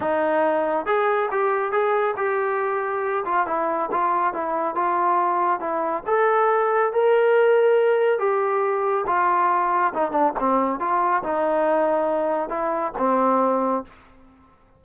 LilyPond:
\new Staff \with { instrumentName = "trombone" } { \time 4/4 \tempo 4 = 139 dis'2 gis'4 g'4 | gis'4 g'2~ g'8 f'8 | e'4 f'4 e'4 f'4~ | f'4 e'4 a'2 |
ais'2. g'4~ | g'4 f'2 dis'8 d'8 | c'4 f'4 dis'2~ | dis'4 e'4 c'2 | }